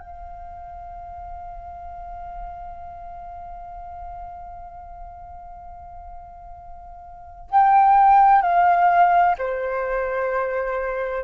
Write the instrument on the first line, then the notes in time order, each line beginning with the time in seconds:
flute
0.00 F5
7.51 G5
8.42 F5
9.39 C5